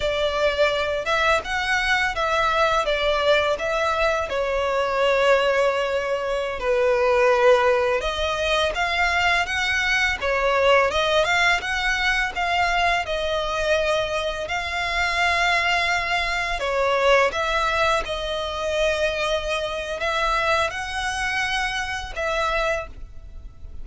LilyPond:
\new Staff \with { instrumentName = "violin" } { \time 4/4 \tempo 4 = 84 d''4. e''8 fis''4 e''4 | d''4 e''4 cis''2~ | cis''4~ cis''16 b'2 dis''8.~ | dis''16 f''4 fis''4 cis''4 dis''8 f''16~ |
f''16 fis''4 f''4 dis''4.~ dis''16~ | dis''16 f''2. cis''8.~ | cis''16 e''4 dis''2~ dis''8. | e''4 fis''2 e''4 | }